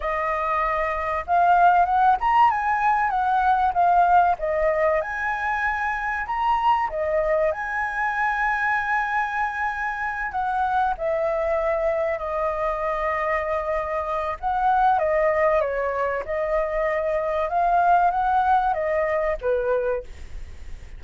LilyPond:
\new Staff \with { instrumentName = "flute" } { \time 4/4 \tempo 4 = 96 dis''2 f''4 fis''8 ais''8 | gis''4 fis''4 f''4 dis''4 | gis''2 ais''4 dis''4 | gis''1~ |
gis''8 fis''4 e''2 dis''8~ | dis''2. fis''4 | dis''4 cis''4 dis''2 | f''4 fis''4 dis''4 b'4 | }